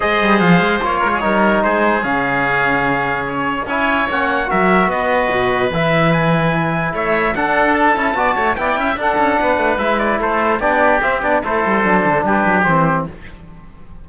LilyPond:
<<
  \new Staff \with { instrumentName = "trumpet" } { \time 4/4 \tempo 4 = 147 dis''4 f''4 cis''2 | c''4 f''2. | cis''4 gis''4 fis''4 e''4 | dis''2 e''4 gis''4~ |
gis''4 e''4 fis''4 a''4~ | a''4 g''4 fis''2 | e''8 d''8 c''4 d''4 e''8 d''8 | c''2 b'4 c''4 | }
  \new Staff \with { instrumentName = "oboe" } { \time 4/4 c''2~ c''8 ais'16 gis'16 ais'4 | gis'1~ | gis'4 cis''2 ais'4 | b'1~ |
b'4 cis''4 a'2 | d''8 cis''8 d''8 e''8 a'4 b'4~ | b'4 a'4 g'2 | a'2 g'2 | }
  \new Staff \with { instrumentName = "trombone" } { \time 4/4 gis'2 f'4 dis'4~ | dis'4 cis'2.~ | cis'4 e'4 cis'4 fis'4~ | fis'2 e'2~ |
e'2 d'4. e'8 | fis'4 e'4 d'2 | e'2 d'4 c'8 d'8 | e'4 d'2 c'4 | }
  \new Staff \with { instrumentName = "cello" } { \time 4/4 gis8 g8 f8 gis8 ais8 gis8 g4 | gis4 cis2.~ | cis4 cis'4 ais4 fis4 | b4 b,4 e2~ |
e4 a4 d'4. cis'8 | b8 a8 b8 cis'8 d'8 cis'8 b8 a8 | gis4 a4 b4 c'8 b8 | a8 g8 fis8 d8 g8 fis8 e4 | }
>>